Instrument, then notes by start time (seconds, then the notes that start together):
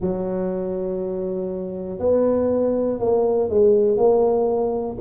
tuba
0.00 F#3
1.99 B3
2.99 A#3
3.49 G#3
3.97 A#3